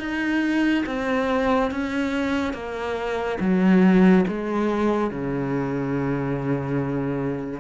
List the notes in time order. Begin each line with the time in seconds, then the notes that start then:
0.00 D#4
0.87 C4
1.71 C#4
2.54 A#3
3.41 F#3
4.28 G#3
5.11 C#3